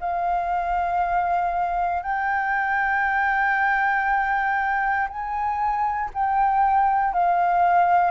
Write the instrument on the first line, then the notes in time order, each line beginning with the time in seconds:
flute
0.00 F5
2.02 G5
5.08 G#5
6.14 G5
7.14 F5